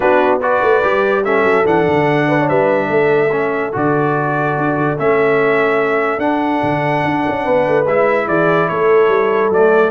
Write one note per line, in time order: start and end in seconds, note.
0.00 0.62 B3
0.00 0.40 D4
0.00 0.40 F#4
0.00 0.38 B4
0.40 0.82 F#4
0.40 1.23 B4
0.40 1.24 D5
0.62 0.82 A3
0.82 1.43 G3
0.82 1.24 G4
1.24 1.64 C#4
1.24 2.28 A4
1.24 1.66 E5
1.43 1.64 F#3
1.64 1.86 E3
1.64 3.29 D4
1.64 2.49 F#5
1.87 2.49 D3
2.28 2.38 B4
2.39 2.49 C#5
2.49 2.89 G3
2.49 2.88 B4
2.49 3.73 E5
2.88 3.72 A3
2.88 7.43 A4
3.31 3.72 C#4
3.72 4.57 D3
3.72 4.96 F#4
3.72 4.98 D5
4.57 4.77 D4
4.77 4.97 D3
4.97 6.18 A3
4.97 6.19 C#4
4.97 6.19 E5
6.18 6.59 D4
6.18 7.85 D4
6.18 7.85 F#5
6.62 7.04 D3
7.04 7.25 D4
7.28 7.46 C#4
7.43 7.67 B3
7.43 8.26 B4
7.67 7.86 A3
7.86 8.27 G#3
7.86 9.53 E4
7.86 8.27 E5
8.27 8.69 E3
8.27 8.69 G#4
8.27 8.68 D5
8.68 9.08 A3
8.68 9.90 A4
8.68 9.51 C#5
9.08 9.50 G3
9.50 9.90 F#3
9.50 9.90 A3
9.50 9.90 D5